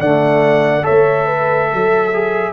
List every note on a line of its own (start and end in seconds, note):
0.00 0.85 D3
0.00 0.83 A3
0.00 0.85 D5
0.00 0.85 F#5
0.83 2.09 A4
0.83 1.26 C#5
0.83 2.52 E5
0.89 1.73 A3
1.26 1.68 B4
1.70 2.52 F#3
1.70 2.52 A4
2.13 2.52 G#4